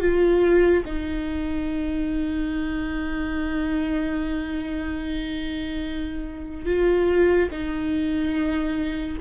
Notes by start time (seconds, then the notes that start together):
0.00 F4
0.85 D#4
6.65 F4
7.51 D#4